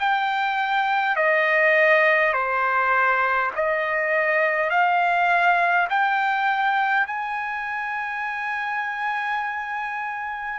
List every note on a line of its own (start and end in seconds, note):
0.00 1.16 G5
1.16 2.33 D#5
2.33 3.51 C5
3.56 4.70 D#5
4.70 5.88 F5
5.90 7.07 G5
7.07 10.59 G#5